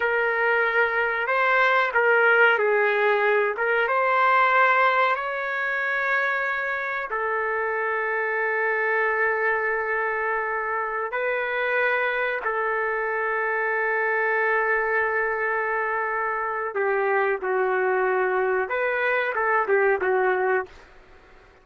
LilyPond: \new Staff \with { instrumentName = "trumpet" } { \time 4/4 \tempo 4 = 93 ais'2 c''4 ais'4 | gis'4. ais'8 c''2 | cis''2. a'4~ | a'1~ |
a'4~ a'16 b'2 a'8.~ | a'1~ | a'2 g'4 fis'4~ | fis'4 b'4 a'8 g'8 fis'4 | }